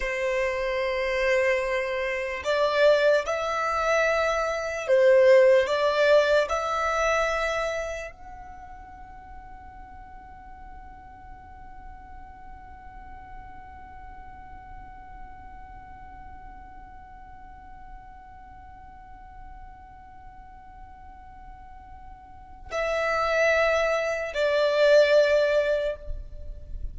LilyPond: \new Staff \with { instrumentName = "violin" } { \time 4/4 \tempo 4 = 74 c''2. d''4 | e''2 c''4 d''4 | e''2 fis''2~ | fis''1~ |
fis''1~ | fis''1~ | fis''1 | e''2 d''2 | }